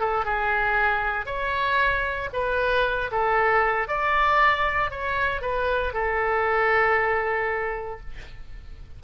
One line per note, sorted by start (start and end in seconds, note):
0.00 0.25 A4
0.25 1.26 G#4
1.26 2.30 C#5
2.33 3.11 B4
3.12 3.88 A4
3.88 4.91 D5
4.91 5.42 C#5
5.42 5.94 B4
5.94 8.01 A4